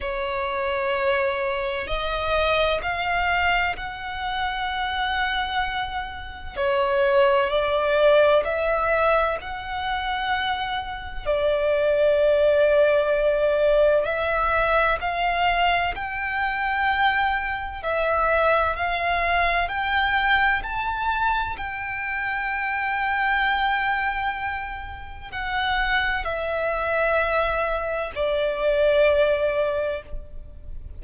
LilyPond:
\new Staff \with { instrumentName = "violin" } { \time 4/4 \tempo 4 = 64 cis''2 dis''4 f''4 | fis''2. cis''4 | d''4 e''4 fis''2 | d''2. e''4 |
f''4 g''2 e''4 | f''4 g''4 a''4 g''4~ | g''2. fis''4 | e''2 d''2 | }